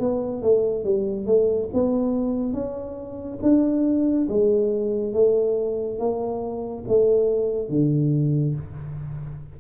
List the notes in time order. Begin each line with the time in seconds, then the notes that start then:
0.00 B3
0.42 A3
0.84 G3
1.26 A3
1.74 B3
2.53 C#4
3.42 D4
4.29 G#3
5.14 A3
5.99 A#3
6.88 A3
7.69 D3